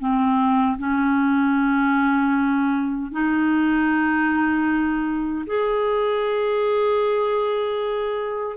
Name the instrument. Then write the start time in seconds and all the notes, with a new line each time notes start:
clarinet
0.00 C4
0.79 C#4
3.12 D#4
5.47 G#4